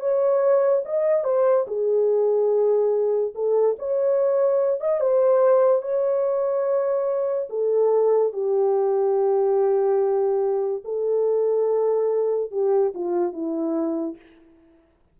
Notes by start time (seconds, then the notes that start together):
0.00 C#5
0.85 D#5
1.24 C5
1.67 G#4
3.35 A4
3.79 C#5
4.80 D#5
5.00 C5
5.82 C#5
7.50 A4
8.33 G4
10.84 A4
12.51 G4
12.94 F4
13.33 E4